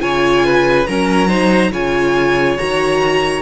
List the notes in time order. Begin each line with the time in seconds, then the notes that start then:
0.00 C#3 F4 C#5 G#5
0.45 B4
0.86 F#3 C#4 A#4 A#5
1.28 D#4 C5
1.72 C#3 F4 C#5 G#5
2.58 D#3 F#4 A#5